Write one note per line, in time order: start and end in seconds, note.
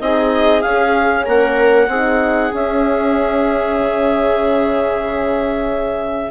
0.00 0.63 C4
0.00 0.63 D#4
0.00 1.25 G#4
0.00 0.61 D#5
0.61 1.90 C#4
0.61 1.27 C#4
0.61 1.24 F5
1.25 1.88 A#3
1.25 1.89 A#4
1.25 2.54 F#5
1.88 2.51 C4
1.88 2.52 D#4
1.88 6.31 G#4
2.52 6.31 C#4
2.52 3.79 C#4
2.52 6.31 E5
3.79 6.31 C#3